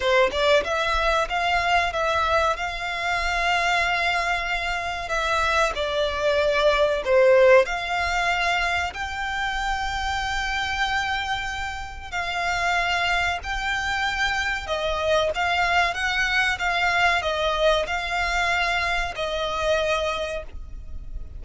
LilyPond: \new Staff \with { instrumentName = "violin" } { \time 4/4 \tempo 4 = 94 c''8 d''8 e''4 f''4 e''4 | f''1 | e''4 d''2 c''4 | f''2 g''2~ |
g''2. f''4~ | f''4 g''2 dis''4 | f''4 fis''4 f''4 dis''4 | f''2 dis''2 | }